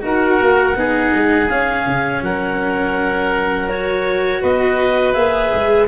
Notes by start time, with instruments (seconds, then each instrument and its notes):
0.00 tuba D#4, cello F#4, oboe A#4, clarinet F#5
0.41 tuba A#3
0.76 tuba B3, cello D#4, oboe G#4
1.13 tuba G#3
1.49 tuba C#4, cello C#4, clarinet F5
1.86 tuba C#3
2.22 tuba F#3, oboe A#4, clarinet F#5
3.68 cello F#4, clarinet C#5
4.41 tuba B3, oboe B4, clarinet D#5
5.13 tuba A#3, cello G#4, clarinet E5
5.54 tuba G#3